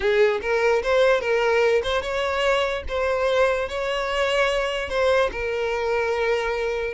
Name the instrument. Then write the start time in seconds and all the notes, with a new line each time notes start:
violin
0.00 G#4
0.41 A#4
0.82 C5
1.20 A#4
1.83 C5
2.01 C#5
2.88 C5
3.68 C#5
4.89 C5
5.31 A#4